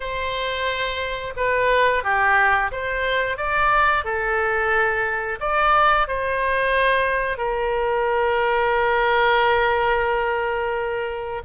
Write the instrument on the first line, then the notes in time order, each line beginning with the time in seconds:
oboe
0.00 C5
1.36 B4
2.03 G4
2.71 C5
3.37 D5
4.04 A4
5.40 D5
6.07 C5
7.37 A#4